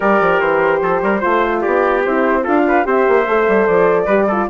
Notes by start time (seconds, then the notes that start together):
0.00 G3 G4 A#4 D5
0.20 F3
0.40 E3 C5
0.81 F3 A4
1.02 G3 A#4
1.20 A3 F4 C5
1.61 B3 G4 D5
2.04 C4 E4 C5
2.43 D4 F4 A4 F5
2.67 B4
2.84 C4 G4 C5 E5
3.08 A#3
3.26 A3 A4
3.48 G3
3.67 F3 D5
4.05 G3 G4 B4
4.27 F4 A4